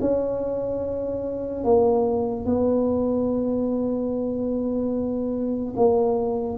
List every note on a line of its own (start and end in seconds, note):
0.00 1.64 C#4
1.64 2.45 A#3
2.45 5.74 B3
5.76 6.58 A#3